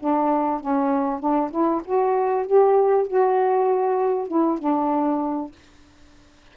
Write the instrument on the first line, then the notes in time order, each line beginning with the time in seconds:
saxophone
0.00 D4
0.61 C#4
1.20 D4
1.51 E4
1.85 F#4
2.47 G4
3.08 F#4
4.28 E4
4.59 D4